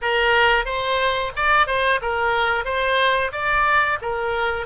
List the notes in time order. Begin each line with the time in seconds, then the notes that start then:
0.01 A#4
0.65 C5
1.35 D5
1.66 C5
2.01 A#4
2.65 C5
3.32 D5
4.01 A#4